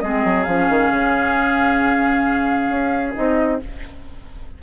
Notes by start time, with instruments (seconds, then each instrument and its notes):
0.00 bassoon G#3, clarinet C4, oboe G#4, flute D#5
0.25 bassoon F#3
0.44 bassoon F3, clarinet C#4, flute F5
0.69 bassoon D#3
0.91 bassoon C#3
2.70 bassoon C#4
3.14 bassoon C4, clarinet D#4, flute D#5